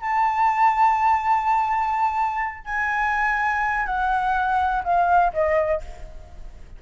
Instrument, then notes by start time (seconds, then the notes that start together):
flute
0.00 A5
2.65 G#5
3.86 F#5
4.84 F5
5.33 D#5